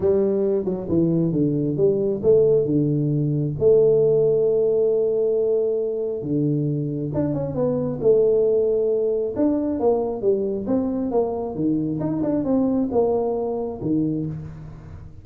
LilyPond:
\new Staff \with { instrumentName = "tuba" } { \time 4/4 \tempo 4 = 135 g4. fis8 e4 d4 | g4 a4 d2 | a1~ | a2 d2 |
d'8 cis'8 b4 a2~ | a4 d'4 ais4 g4 | c'4 ais4 dis4 dis'8 d'8 | c'4 ais2 dis4 | }